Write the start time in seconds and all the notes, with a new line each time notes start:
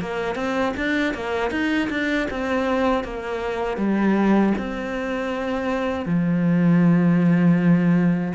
0.00 A#3
0.35 C4
0.76 D4
1.13 A#3
1.51 D#4
1.89 D4
2.30 C4
3.04 A#3
3.77 G3
4.58 C4
6.05 F3